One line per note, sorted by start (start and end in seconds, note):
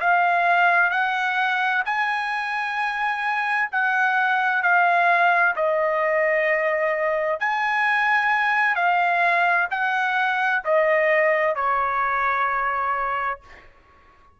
0.00 0.90 F5
0.90 1.83 F#5
1.85 3.70 G#5
3.71 4.62 F#5
4.62 5.55 F5
5.56 7.39 D#5
7.39 8.75 G#5
8.75 9.68 F5
9.70 10.62 F#5
10.64 11.55 D#5
11.55 13.40 C#5